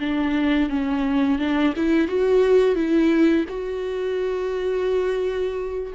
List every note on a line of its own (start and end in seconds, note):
0.00 0.69 D4
0.69 1.39 C#4
1.39 1.74 D4
1.77 2.08 E4
2.08 2.75 F#4
2.75 3.45 E4
3.49 5.93 F#4